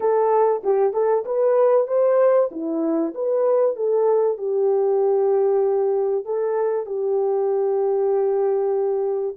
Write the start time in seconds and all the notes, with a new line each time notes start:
0.00 A4
0.63 G4
0.93 A4
1.25 B4
1.87 C5
2.51 E4
3.14 B4
3.76 A4
4.37 G4
6.25 A4
6.86 G4